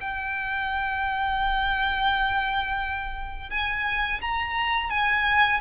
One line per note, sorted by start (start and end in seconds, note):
0.00 3.49 G5
3.49 4.20 G#5
4.21 4.90 A#5
4.90 5.60 G#5